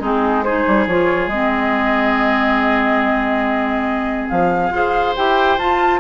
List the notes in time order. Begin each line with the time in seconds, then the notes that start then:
0.00 G#3 C4 D#4 G#4
0.44 D#4 G#4 C5
0.67 G3
0.87 F3 F4 C#5
1.27 G#3 C4 D#5
4.29 F3 F5
4.70 F4 G#4 C5
5.16 E4 G4 G5
5.58 F4 A5